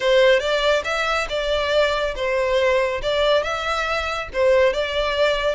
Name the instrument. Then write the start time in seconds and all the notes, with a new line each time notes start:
violin
0.00 C5
0.39 D5
0.84 E5
1.29 D5
2.15 C5
3.02 D5
3.43 E5
4.33 C5
4.73 D5